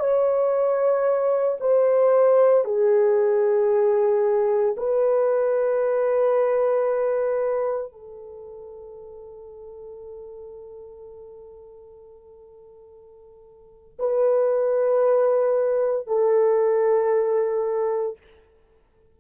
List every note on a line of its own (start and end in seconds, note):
0.00 1.58 C#5
1.61 2.65 C5
2.65 4.76 G#4
4.77 7.93 B4
7.93 13.98 A4
14.00 16.08 B4
16.08 18.18 A4